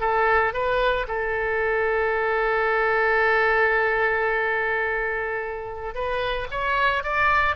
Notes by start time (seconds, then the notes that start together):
0.00 A4
0.53 B4
1.08 A4
5.94 B4
6.51 C#5
7.03 D5